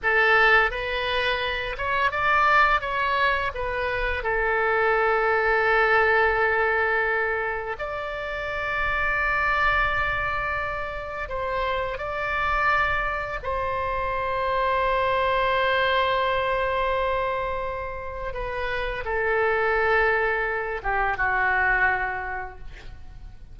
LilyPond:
\new Staff \with { instrumentName = "oboe" } { \time 4/4 \tempo 4 = 85 a'4 b'4. cis''8 d''4 | cis''4 b'4 a'2~ | a'2. d''4~ | d''1 |
c''4 d''2 c''4~ | c''1~ | c''2 b'4 a'4~ | a'4. g'8 fis'2 | }